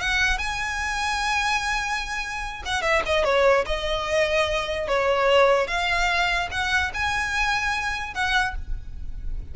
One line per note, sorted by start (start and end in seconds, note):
0.00 0.38 F#5
0.38 2.62 G#5
2.65 2.82 F#5
2.82 3.02 E5
3.06 3.24 D#5
3.24 3.65 C#5
3.66 4.88 D#5
4.88 5.67 C#5
5.67 6.49 F5
6.51 6.92 F#5
6.94 8.14 G#5
8.14 8.55 F#5